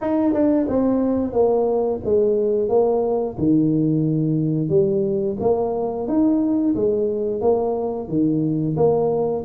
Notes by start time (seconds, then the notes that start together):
0.01 D#4
0.33 D4
0.68 C4
1.32 A#3
2.04 G#3
2.68 A#3
3.38 D#3
4.69 G3
5.40 A#3
6.07 D#4
6.75 G#3
7.41 A#3
8.08 D#3
8.76 A#3